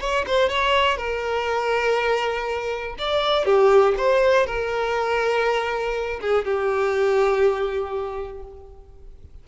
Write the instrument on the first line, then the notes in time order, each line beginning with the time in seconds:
violin
0.00 C#5
0.27 C5
0.49 C#5
0.97 A#4
2.98 D5
3.45 G4
3.98 C5
4.46 A#4
6.21 G#4
6.45 G4